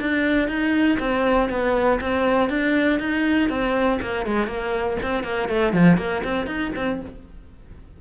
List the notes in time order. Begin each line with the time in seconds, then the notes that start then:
0.00 D4
0.48 D#4
0.99 C4
1.49 B3
2.00 C4
2.49 D4
2.99 D#4
3.49 C4
4.01 A#3
4.25 G#3
4.47 A#3
5.02 C4
5.23 A#3
5.48 A3
5.73 F3
5.97 A#3
6.24 C4
6.46 D#4
6.75 C4